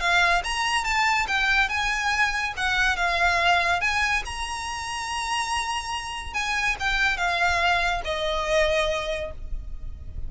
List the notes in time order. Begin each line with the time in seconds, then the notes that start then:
0.00 F5
0.44 A#5
0.84 A5
1.28 G5
1.69 G#5
2.57 F#5
2.96 F5
3.81 G#5
4.25 A#5
6.34 G#5
6.80 G5
7.17 F5
8.05 D#5